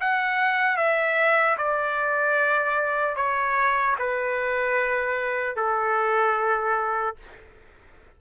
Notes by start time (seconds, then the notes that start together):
0.00 F#5
0.77 E5
1.57 D5
3.16 C#5
3.99 B4
5.56 A4